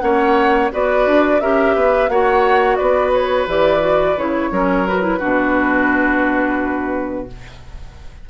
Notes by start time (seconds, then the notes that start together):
0.00 A#3 C#4 C#5 F#5
0.71 B3 F#4 B4 D5
1.06 D4
1.41 C#4 G4 A#4 E5
1.75 B3 B4
2.09 A#3 F#4 C#5 F#5
2.76 B3 B4 D5
3.13 C#5
3.47 E3 G4 D5
3.80 F#4
4.17 C#3 E4 C#5
4.51 F#3 C#4 A#4
4.87 F#4 B4
5.02 E4
5.19 B2 D4 F#4